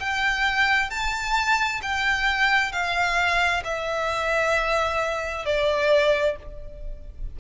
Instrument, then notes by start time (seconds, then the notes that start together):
violin
0.00 G5
0.90 A5
1.82 G5
2.72 F5
3.64 E5
5.46 D5